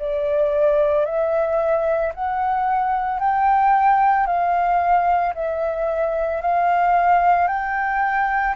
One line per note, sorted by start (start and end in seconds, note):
0.00 1.06 D5
1.06 2.13 E5
2.15 3.20 F#5
3.20 4.27 G5
4.27 5.34 F5
5.35 6.42 E5
6.42 7.48 F5
7.48 8.55 G5